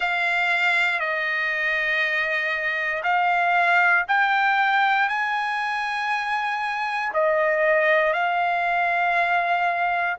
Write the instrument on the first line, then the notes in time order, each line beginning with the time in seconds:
trumpet
0.00 F5
0.99 D#5
3.03 F5
4.08 G5
5.08 G#5
7.13 D#5
8.13 F5